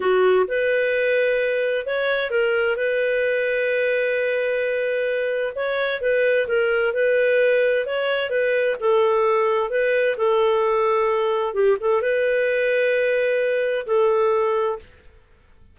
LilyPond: \new Staff \with { instrumentName = "clarinet" } { \time 4/4 \tempo 4 = 130 fis'4 b'2. | cis''4 ais'4 b'2~ | b'1 | cis''4 b'4 ais'4 b'4~ |
b'4 cis''4 b'4 a'4~ | a'4 b'4 a'2~ | a'4 g'8 a'8 b'2~ | b'2 a'2 | }